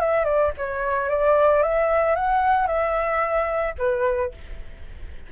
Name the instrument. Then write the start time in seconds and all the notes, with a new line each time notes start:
flute
0.00 E5
0.25 D5
0.58 C#5
1.09 D5
1.63 E5
2.16 F#5
2.68 E5
3.79 B4